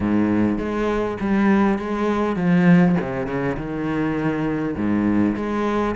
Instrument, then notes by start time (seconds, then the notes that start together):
cello
0.00 G#2
0.58 G#3
1.20 G3
1.78 G#3
2.36 F3
3.00 C3
3.26 C#3
3.56 D#3
4.76 G#2
5.35 G#3